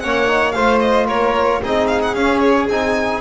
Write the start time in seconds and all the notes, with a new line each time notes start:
0.00 A#3 C#4 C#5 F#5
0.26 D#4
0.52 A3 F4 C5 F5
0.80 D#5
1.07 A#3 A#4 C#5
1.62 C4 D#4 G#4 D#5
1.87 F5
2.02 F#5
2.15 C#4 F5
2.40 C#5
2.69 C4 D#4 G#5